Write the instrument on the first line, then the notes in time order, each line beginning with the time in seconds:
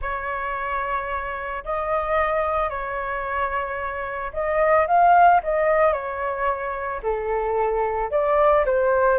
flute
0.01 C#5
1.64 D#5
2.69 C#5
4.32 D#5
4.87 F5
5.43 D#5
5.93 C#5
7.02 A4
8.11 D5
8.65 C5